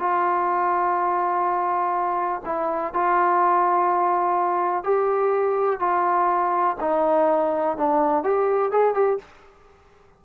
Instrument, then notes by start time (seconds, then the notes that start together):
trombone
0.00 F4
2.45 E4
2.94 F4
4.84 G4
5.80 F4
6.80 D#4
7.78 D4
8.24 G4
8.72 G#4
8.94 G4